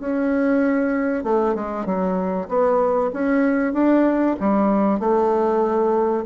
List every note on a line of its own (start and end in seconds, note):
0.00 1.24 C#4
1.24 1.55 A3
1.55 1.86 G#3
1.86 2.49 F#3
2.49 3.11 B3
3.14 3.74 C#4
3.74 4.36 D4
4.40 5.00 G3
5.00 6.25 A3